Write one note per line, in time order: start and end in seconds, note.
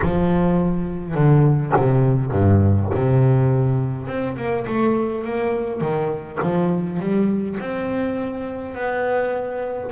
0.02 1.14 F3
1.14 1.72 D3
1.76 2.31 C3
2.31 2.89 G2
2.94 4.07 C3
4.07 4.36 C4
4.36 4.65 A#3
4.66 5.24 A3
5.24 5.80 A#3
5.80 6.38 D#3
6.42 6.99 F3
6.99 7.57 G3
7.59 8.74 C4
8.74 9.91 B3